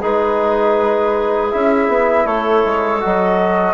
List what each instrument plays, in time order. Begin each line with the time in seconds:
0.00 bassoon G#3, trombone D#4, clarinet G#4, flute B4
1.50 bassoon C#4, trombone E4, flute E5
1.88 bassoon B3
2.25 bassoon A3, clarinet A4, flute C#5
2.65 bassoon G#3
3.00 bassoon F#3, trombone F#4, flute D#5